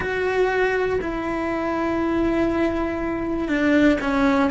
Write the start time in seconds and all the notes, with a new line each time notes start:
0.00 F#4
1.01 E4
3.48 D4
4.00 C#4